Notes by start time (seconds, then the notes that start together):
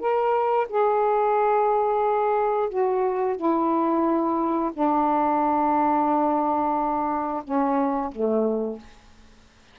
0.00 A#4
0.70 G#4
2.69 F#4
3.37 E4
4.73 D4
7.44 C#4
8.12 A3